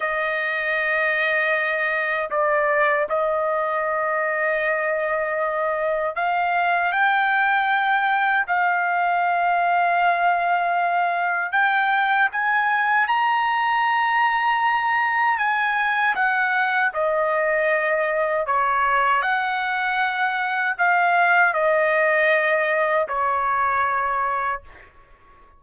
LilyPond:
\new Staff \with { instrumentName = "trumpet" } { \time 4/4 \tempo 4 = 78 dis''2. d''4 | dis''1 | f''4 g''2 f''4~ | f''2. g''4 |
gis''4 ais''2. | gis''4 fis''4 dis''2 | cis''4 fis''2 f''4 | dis''2 cis''2 | }